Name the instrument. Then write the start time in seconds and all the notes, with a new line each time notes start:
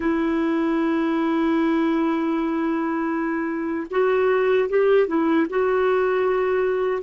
clarinet
0.00 E4
3.90 F#4
4.69 G4
5.07 E4
5.49 F#4